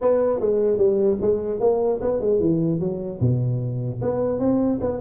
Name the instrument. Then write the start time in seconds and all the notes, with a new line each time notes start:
tuba
0.01 B3
0.40 G#3
0.77 G3
1.21 G#3
1.60 A#3
2.01 B3
2.20 G#3
2.39 E3
2.79 F#3
3.20 B2
4.01 B3
4.39 C4
4.80 B3